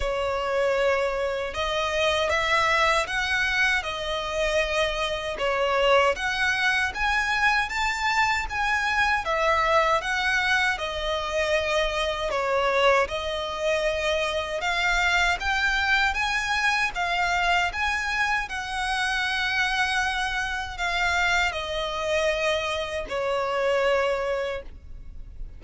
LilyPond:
\new Staff \with { instrumentName = "violin" } { \time 4/4 \tempo 4 = 78 cis''2 dis''4 e''4 | fis''4 dis''2 cis''4 | fis''4 gis''4 a''4 gis''4 | e''4 fis''4 dis''2 |
cis''4 dis''2 f''4 | g''4 gis''4 f''4 gis''4 | fis''2. f''4 | dis''2 cis''2 | }